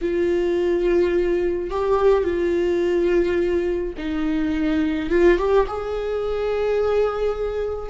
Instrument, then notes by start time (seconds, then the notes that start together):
viola
0.01 F4
1.70 G4
2.24 F4
3.97 D#4
5.09 F4
5.38 G4
5.67 G#4